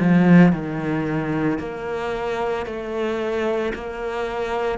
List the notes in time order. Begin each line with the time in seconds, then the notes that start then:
0.00 F3
0.53 D#3
1.59 A#3
2.66 A3
3.75 A#3